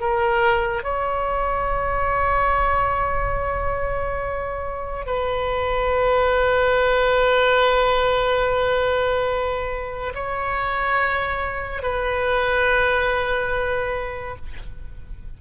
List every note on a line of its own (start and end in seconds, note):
0.00 0.83 A#4
0.83 5.06 C#5
5.06 10.13 B4
10.14 11.83 C#5
11.83 14.36 B4